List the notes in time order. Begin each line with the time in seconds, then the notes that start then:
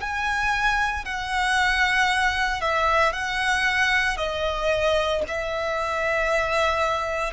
0.00 G#5
1.05 F#5
2.61 E5
3.12 F#5
4.17 D#5
5.28 E5